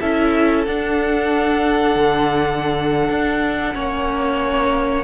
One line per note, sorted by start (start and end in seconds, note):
0.00 0.66 C#4
0.00 0.66 E4
0.00 3.75 A4
0.00 0.65 E5
0.65 1.96 D4
0.65 3.73 D4
0.65 5.04 F#5
1.96 3.09 D3
3.09 3.74 D4
3.73 5.04 A#3
3.73 5.04 C#4
3.73 5.04 C#5